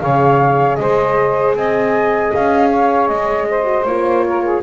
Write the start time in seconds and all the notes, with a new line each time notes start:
0.00 C#3 G#4 C#5 F5
0.75 G#3 C5 D#5
1.54 C4 D#5 G#5
2.33 C#4 F5
2.70 C#5
3.07 G#3 D#5
3.49 C5
3.64 F#4
3.84 A#3 F4 C#5
4.28 A#4
4.43 G#4